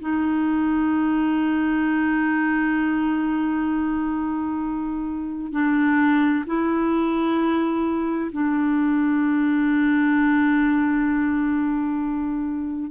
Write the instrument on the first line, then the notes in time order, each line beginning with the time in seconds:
clarinet
0.00 D#4
5.53 D4
6.47 E4
8.32 D4